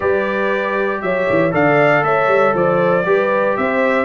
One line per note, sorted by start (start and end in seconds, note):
0.00 1.02 G3
0.00 1.51 G4
0.00 1.01 B4
0.00 1.01 D5
1.01 1.27 F#3
1.01 1.53 C#5
1.01 1.52 E5
1.29 1.53 E3
1.51 2.02 D3
1.51 3.03 A4
1.51 2.04 D5
1.51 2.03 F5
2.02 2.27 A3
2.02 2.54 C#5
2.02 2.54 E5
2.27 2.53 G3
2.54 3.05 F3
2.54 3.05 C5
2.54 3.56 D5
3.05 3.56 G3
3.05 4.05 G4
3.05 3.57 B4
3.56 4.05 C4
3.56 4.05 C5
3.56 4.05 E5